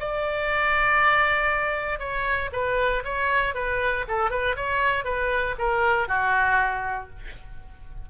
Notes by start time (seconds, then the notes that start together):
0.00 D5
2.00 C#5
2.53 B4
3.05 C#5
3.55 B4
4.08 A4
4.31 B4
4.56 C#5
5.05 B4
5.59 A#4
6.09 F#4